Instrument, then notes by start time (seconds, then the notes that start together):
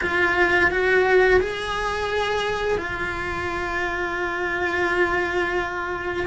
cello
0.01 F4
0.70 F#4
1.40 G#4
2.77 F4